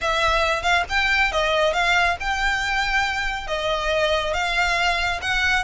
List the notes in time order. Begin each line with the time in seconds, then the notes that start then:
0.01 E5
0.62 F5
0.89 G5
1.32 D#5
1.73 F5
2.20 G5
3.47 D#5
4.33 F5
5.21 F#5